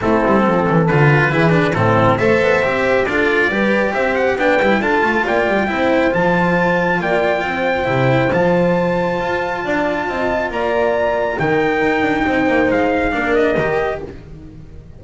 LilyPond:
<<
  \new Staff \with { instrumentName = "trumpet" } { \time 4/4 \tempo 4 = 137 a'2 b'2 | a'4 e''2 d''4~ | d''4 e''8 fis''8 g''4 a''4 | g''2 a''2 |
g''2. a''4~ | a''1 | ais''2 g''2~ | g''4 f''4. dis''4. | }
  \new Staff \with { instrumentName = "horn" } { \time 4/4 e'4 a'2 gis'4 | e'4 c''2 a'4 | b'4 c''4 b'4 a'4 | d''4 c''2. |
d''4 c''2.~ | c''2 d''4 dis''4 | d''2 ais'2 | c''2 ais'2 | }
  \new Staff \with { instrumentName = "cello" } { \time 4/4 c'2 f'4 e'8 d'8 | c'4 a'4 g'4 f'4 | g'2 d'8 e'8 f'4~ | f'4 e'4 f'2~ |
f'2 e'4 f'4~ | f'1~ | f'2 dis'2~ | dis'2 d'4 g'4 | }
  \new Staff \with { instrumentName = "double bass" } { \time 4/4 a8 g8 f8 e8 d4 e4 | a,4 a8 b8 c'4 d'4 | g4 c'4 b8 g8 d'8 a8 | ais8 g8 c'4 f2 |
ais4 c'4 c4 f4~ | f4 f'4 d'4 c'4 | ais2 dis4 dis'8 d'8 | c'8 ais8 gis4 ais4 dis4 | }
>>